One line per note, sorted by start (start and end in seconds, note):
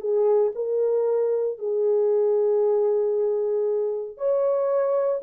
0.00 0.52 G#4
0.55 1.58 A#4
1.58 4.17 G#4
4.17 5.21 C#5